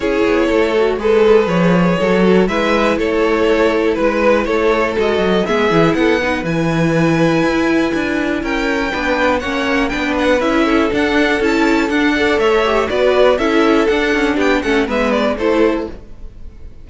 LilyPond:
<<
  \new Staff \with { instrumentName = "violin" } { \time 4/4 \tempo 4 = 121 cis''2 a'4 cis''4~ | cis''4 e''4 cis''2 | b'4 cis''4 dis''4 e''4 | fis''4 gis''2.~ |
gis''4 g''2 fis''4 | g''8 fis''8 e''4 fis''4 a''4 | fis''4 e''4 d''4 e''4 | fis''4 g''8 fis''8 e''8 d''8 c''4 | }
  \new Staff \with { instrumentName = "violin" } { \time 4/4 gis'4 a'4 b'2 | a'4 b'4 a'2 | b'4 a'2 gis'4 | a'8 b'2.~ b'8~ |
b'4 ais'4 b'4 cis''4 | b'4. a'2~ a'8~ | a'8 d''8 cis''4 b'4 a'4~ | a'4 g'8 a'8 b'4 a'4 | }
  \new Staff \with { instrumentName = "viola" } { \time 4/4 e'4. fis'8 gis'2~ | gis'8 fis'8 e'2.~ | e'2 fis'4 b8 e'8~ | e'8 dis'8 e'2.~ |
e'2 d'4 cis'4 | d'4 e'4 d'4 e'4 | d'8 a'4 g'8 fis'4 e'4 | d'4. cis'8 b4 e'4 | }
  \new Staff \with { instrumentName = "cello" } { \time 4/4 cis'8 b8 a4 gis4 f4 | fis4 gis4 a2 | gis4 a4 gis8 fis8 gis8 e8 | b4 e2 e'4 |
d'4 cis'4 b4 ais4 | b4 cis'4 d'4 cis'4 | d'4 a4 b4 cis'4 | d'8 cis'8 b8 a8 gis4 a4 | }
>>